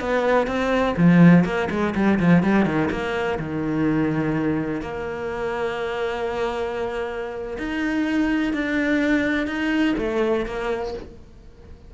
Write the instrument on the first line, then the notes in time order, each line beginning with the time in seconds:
cello
0.00 B3
0.47 C4
0.97 F3
1.44 A#3
1.70 G#3
1.94 G3
2.19 F3
2.43 G3
2.65 D#3
2.90 A#3
3.39 D#3
4.81 A#3
7.58 D#4
8.53 D4
9.46 D#4
9.97 A3
10.46 A#3